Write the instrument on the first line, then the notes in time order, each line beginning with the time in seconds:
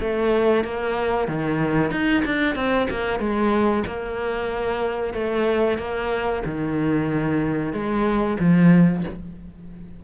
cello
0.00 A3
0.64 A#3
1.28 D#3
1.91 D#4
2.25 D4
2.55 C4
2.90 A#3
3.19 G#3
3.86 A#3
5.13 A3
5.78 A#3
6.45 D#3
7.73 G#3
8.39 F3